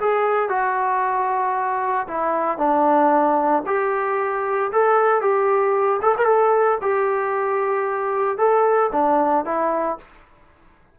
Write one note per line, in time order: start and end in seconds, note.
0.00 0.49 G#4
0.49 2.07 F#4
2.07 2.58 E4
2.58 3.63 D4
3.66 4.71 G4
4.72 5.21 A4
5.21 6.00 G4
6.02 6.15 A4
6.17 6.25 A#4
6.25 6.78 A4
6.81 8.38 G4
8.38 8.90 A4
8.92 9.45 D4
9.45 9.98 E4